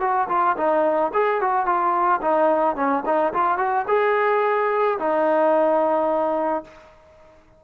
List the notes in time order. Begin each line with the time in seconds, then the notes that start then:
0.00 F#4
0.28 F4
0.57 D#4
1.13 G#4
1.41 F#4
1.65 F4
2.21 D#4
2.75 C#4
3.05 D#4
3.33 F4
3.58 F#4
3.88 G#4
4.98 D#4